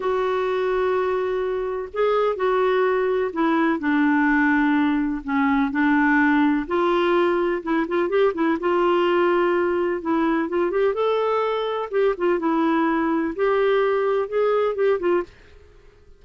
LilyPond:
\new Staff \with { instrumentName = "clarinet" } { \time 4/4 \tempo 4 = 126 fis'1 | gis'4 fis'2 e'4 | d'2. cis'4 | d'2 f'2 |
e'8 f'8 g'8 e'8 f'2~ | f'4 e'4 f'8 g'8 a'4~ | a'4 g'8 f'8 e'2 | g'2 gis'4 g'8 f'8 | }